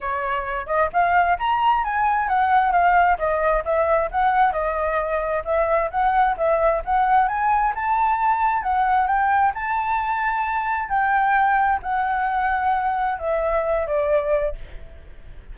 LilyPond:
\new Staff \with { instrumentName = "flute" } { \time 4/4 \tempo 4 = 132 cis''4. dis''8 f''4 ais''4 | gis''4 fis''4 f''4 dis''4 | e''4 fis''4 dis''2 | e''4 fis''4 e''4 fis''4 |
gis''4 a''2 fis''4 | g''4 a''2. | g''2 fis''2~ | fis''4 e''4. d''4. | }